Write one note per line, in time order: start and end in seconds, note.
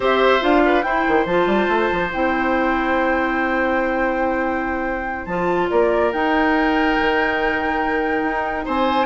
0.00 0.41 C4
0.00 0.40 G4
0.00 0.62 C5
0.00 0.43 E5
0.40 0.83 D4
0.40 0.82 F4
0.40 0.82 F5
0.65 0.85 B4
0.82 1.04 E4
0.82 1.28 E4
0.82 5.70 C5
0.82 1.24 G5
1.08 1.25 D#3
1.25 1.46 F3
1.25 2.11 F4
1.25 2.10 A5
1.46 1.67 G3
1.68 1.89 A3
1.92 2.13 F3
2.11 5.26 C4
2.11 5.28 E4
2.11 5.25 G5
5.25 5.68 F3
5.25 6.13 F4
5.25 5.68 A5
5.69 6.12 A#3
5.69 8.65 A#4
5.69 6.11 D5
6.12 6.97 D#4
6.12 9.06 D#4
6.12 8.65 G5
6.99 8.23 D#3
8.23 8.65 D#4
8.65 9.06 C4
8.65 9.06 C5
8.65 9.06 G#5